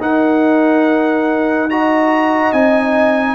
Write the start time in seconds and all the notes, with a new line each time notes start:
0.00 D#4 A#4 F#5
1.69 F#4 D#5 A#5
2.52 C4 D#4 G#5